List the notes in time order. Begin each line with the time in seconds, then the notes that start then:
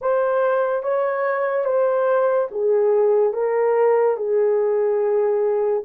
0.01 C5
0.83 C#5
1.64 C5
2.51 G#4
3.33 A#4
4.16 G#4